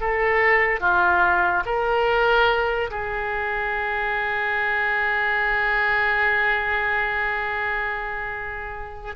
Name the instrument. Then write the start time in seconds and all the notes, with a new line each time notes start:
oboe
0.00 A4
0.80 F4
1.65 A#4
2.90 G#4